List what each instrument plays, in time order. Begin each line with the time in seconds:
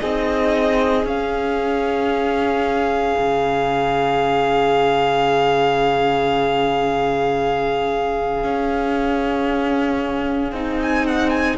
0.00 cello C4, viola D#4, violin G#4 D#5
1.04 cello C#4, viola C#4, violin F5
3.18 cello C#3
8.44 cello C#4
10.52 cello C4, viola D#4
10.82 violin G#5
11.06 violin F#5
11.30 violin G#5